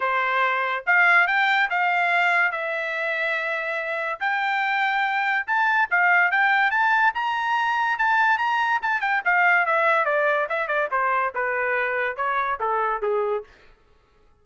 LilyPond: \new Staff \with { instrumentName = "trumpet" } { \time 4/4 \tempo 4 = 143 c''2 f''4 g''4 | f''2 e''2~ | e''2 g''2~ | g''4 a''4 f''4 g''4 |
a''4 ais''2 a''4 | ais''4 a''8 g''8 f''4 e''4 | d''4 e''8 d''8 c''4 b'4~ | b'4 cis''4 a'4 gis'4 | }